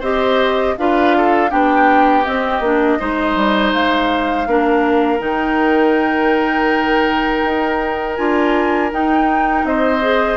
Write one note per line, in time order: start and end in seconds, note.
0.00 0.75 C4
0.00 0.77 G4
0.00 0.74 C5
0.00 0.77 D#5
0.78 1.52 D4
0.78 1.50 F4
0.78 1.17 B4
0.78 1.51 F5
1.18 1.51 A4
1.50 2.26 B3
1.50 2.24 D4
1.50 2.99 G4
1.50 2.25 G5
2.25 2.62 C4
2.25 2.60 C4
2.25 3.73 D#5
2.60 2.97 A#3
2.60 2.99 D4
2.99 3.36 G#3
2.99 4.48 D#4
2.99 4.48 C5
3.36 3.73 G3
3.73 4.47 G#3
3.73 5.20 F5
4.47 5.20 A#3
4.47 5.19 D4
4.47 9.67 A#4
5.19 7.42 D#3
5.19 8.15 D#4
5.19 8.16 G5
7.44 8.19 D#4
8.16 8.92 D4
8.16 8.91 F4
8.16 8.90 G#5
8.92 10.02 D#4
8.92 9.64 D#4
8.92 9.66 G5
9.64 10.37 C4
9.64 10.37 C5
9.64 10.37 D#5
10.02 10.37 G#4